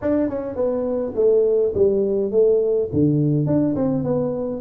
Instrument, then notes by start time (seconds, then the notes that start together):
tuba
0.01 D4
0.29 C#4
0.55 B3
1.15 A3
1.74 G3
2.31 A3
2.92 D3
3.46 D4
3.75 C4
4.03 B3